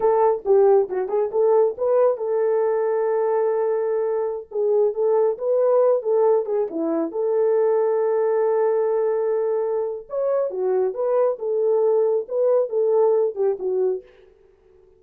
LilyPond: \new Staff \with { instrumentName = "horn" } { \time 4/4 \tempo 4 = 137 a'4 g'4 fis'8 gis'8 a'4 | b'4 a'2.~ | a'2~ a'16 gis'4 a'8.~ | a'16 b'4. a'4 gis'8 e'8.~ |
e'16 a'2.~ a'8.~ | a'2. cis''4 | fis'4 b'4 a'2 | b'4 a'4. g'8 fis'4 | }